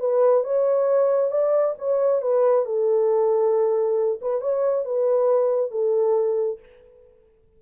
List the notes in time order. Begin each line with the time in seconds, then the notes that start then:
0.00 B4
0.44 C#5
1.31 D5
1.78 C#5
2.22 B4
2.66 A4
4.22 B4
4.41 C#5
4.85 B4
5.71 A4